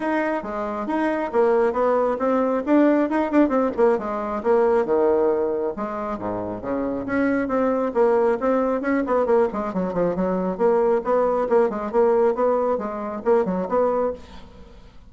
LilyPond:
\new Staff \with { instrumentName = "bassoon" } { \time 4/4 \tempo 4 = 136 dis'4 gis4 dis'4 ais4 | b4 c'4 d'4 dis'8 d'8 | c'8 ais8 gis4 ais4 dis4~ | dis4 gis4 gis,4 cis4 |
cis'4 c'4 ais4 c'4 | cis'8 b8 ais8 gis8 fis8 f8 fis4 | ais4 b4 ais8 gis8 ais4 | b4 gis4 ais8 fis8 b4 | }